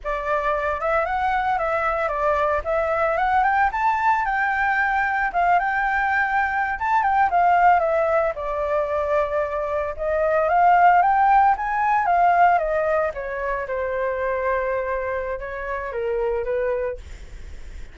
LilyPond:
\new Staff \with { instrumentName = "flute" } { \time 4/4 \tempo 4 = 113 d''4. e''8 fis''4 e''4 | d''4 e''4 fis''8 g''8 a''4 | g''2 f''8 g''4.~ | g''8. a''8 g''8 f''4 e''4 d''16~ |
d''2~ d''8. dis''4 f''16~ | f''8. g''4 gis''4 f''4 dis''16~ | dis''8. cis''4 c''2~ c''16~ | c''4 cis''4 ais'4 b'4 | }